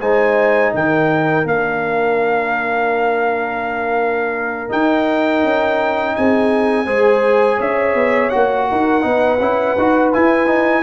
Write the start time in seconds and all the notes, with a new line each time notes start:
0.00 G#3 D#4 C5 G#5
0.73 D#3 A#4 G5
1.44 A#3 D4 F5
4.69 D#4 G5
5.43 C#4
6.16 C4 G#4 G#5
6.86 G#3 G#4 C5
7.57 C#4 C#5 E5
7.94 B3
8.29 A#3 F#4 F#5
8.70 D#4 A#4
9.01 B3 D#4 B4
9.39 C#4 E4
9.77 D#4 F#4
10.13 E4 G#5
10.47 D#4